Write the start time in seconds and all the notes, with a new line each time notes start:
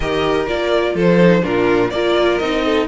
0.00 D#3 G4 A#4 D#5
0.46 A#3 F4 D5
0.94 F3 A4 C5
1.19 D#4
1.42 A#2 D4 F4 A#4
1.90 A#3 F4 A#4 D5
2.38 C4 D#4 D#5
2.65 A4